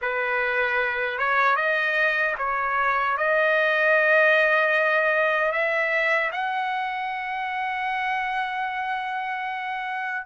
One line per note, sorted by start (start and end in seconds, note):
0.01 1.18 B4
1.18 1.56 C#5
1.56 2.35 D#5
2.38 3.17 C#5
3.17 5.52 D#5
5.52 6.31 E5
6.32 10.26 F#5